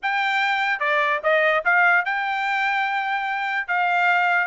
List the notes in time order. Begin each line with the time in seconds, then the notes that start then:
0.02 G5
0.79 D5
1.23 D#5
1.65 F5
2.05 G5
3.67 F5